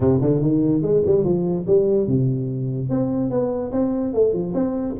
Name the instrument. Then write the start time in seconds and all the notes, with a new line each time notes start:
tuba
0.00 C3
0.21 D3
0.41 D#3
0.82 G#3
1.05 G3
1.24 F3
1.66 G3
2.07 C3
2.89 C4
3.30 B3
3.72 C4
4.13 A3
4.33 F3
4.54 C4